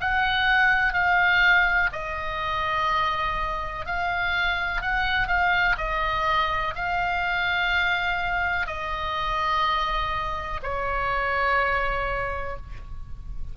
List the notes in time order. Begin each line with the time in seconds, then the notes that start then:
0.00 F#5
0.93 F5
1.92 D#5
3.86 F5
4.81 F#5
5.27 F5
5.78 D#5
6.75 F5
8.67 D#5
10.63 C#5